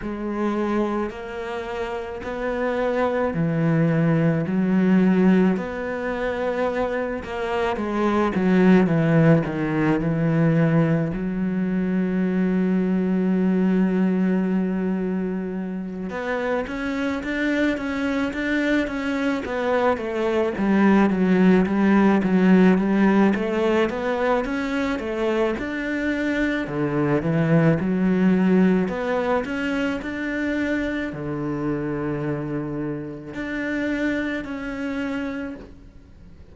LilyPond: \new Staff \with { instrumentName = "cello" } { \time 4/4 \tempo 4 = 54 gis4 ais4 b4 e4 | fis4 b4. ais8 gis8 fis8 | e8 dis8 e4 fis2~ | fis2~ fis8 b8 cis'8 d'8 |
cis'8 d'8 cis'8 b8 a8 g8 fis8 g8 | fis8 g8 a8 b8 cis'8 a8 d'4 | d8 e8 fis4 b8 cis'8 d'4 | d2 d'4 cis'4 | }